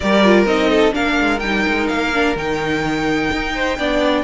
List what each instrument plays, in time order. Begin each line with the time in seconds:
0.00 cello G3, viola G4, violin A#4 D5
0.24 viola F4
0.45 cello C4, viola D#4, violin D#5
0.70 violin A4
0.91 cello A#3, viola D4, violin A#4 F5
1.19 cello G#3
1.39 cello G3, viola D#4, violin G5
1.67 cello G#3
1.88 cello A#3, violin F5
2.13 viola D4
2.35 cello D#3, viola D#4, violin G5
3.32 cello D#4
3.54 violin C5
3.78 cello B3, viola D4, violin D5